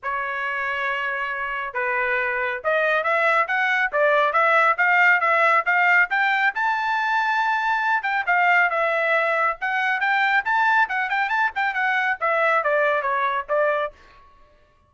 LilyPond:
\new Staff \with { instrumentName = "trumpet" } { \time 4/4 \tempo 4 = 138 cis''1 | b'2 dis''4 e''4 | fis''4 d''4 e''4 f''4 | e''4 f''4 g''4 a''4~ |
a''2~ a''8 g''8 f''4 | e''2 fis''4 g''4 | a''4 fis''8 g''8 a''8 g''8 fis''4 | e''4 d''4 cis''4 d''4 | }